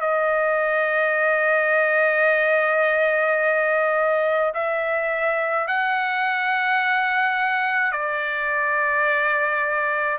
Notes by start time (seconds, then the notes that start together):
0.00 D#5
4.54 E5
5.67 F#5
7.91 D5